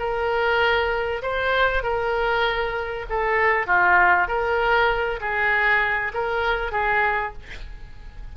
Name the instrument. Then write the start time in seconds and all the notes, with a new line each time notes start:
oboe
0.00 A#4
1.23 C5
1.84 A#4
3.10 A4
3.67 F4
4.28 A#4
5.21 G#4
6.14 A#4
6.72 G#4